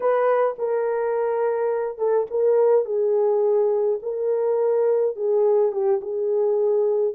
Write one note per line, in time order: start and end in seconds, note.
0.00 0.56 B4
0.58 1.97 A#4
1.97 2.26 A4
2.30 2.85 A#4
2.85 3.99 G#4
4.02 5.16 A#4
5.16 5.71 G#4
5.71 6.00 G4
6.01 7.14 G#4